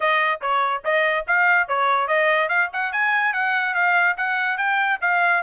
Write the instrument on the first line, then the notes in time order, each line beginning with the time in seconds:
trumpet
0.00 D#5
0.41 C#5
0.84 D#5
1.27 F5
1.67 C#5
2.07 D#5
2.48 F5
2.72 F#5
2.92 G#5
3.33 F#5
3.74 F5
4.17 F#5
4.57 G5
5.01 F5